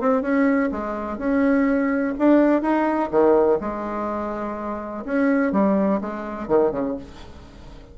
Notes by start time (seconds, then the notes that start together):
0.00 C4
0.22 C#4
0.71 G#3
1.18 C#4
2.18 D4
2.61 D#4
3.10 D#3
3.60 G#3
5.05 C#4
5.52 G3
6.01 G#3
6.48 D#3
6.71 C#3